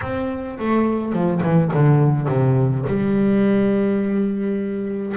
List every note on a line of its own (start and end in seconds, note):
0.01 0.58 C4
0.58 1.12 A3
1.12 1.41 F3
1.43 1.71 E3
1.73 2.28 D3
2.28 2.85 C3
2.87 5.15 G3